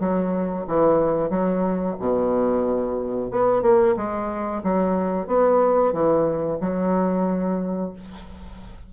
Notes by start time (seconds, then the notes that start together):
0.00 F#3
0.67 E3
1.30 F#3
2.00 B2
3.31 B3
3.62 A#3
3.97 G#3
4.64 F#3
5.27 B3
5.93 E3
6.61 F#3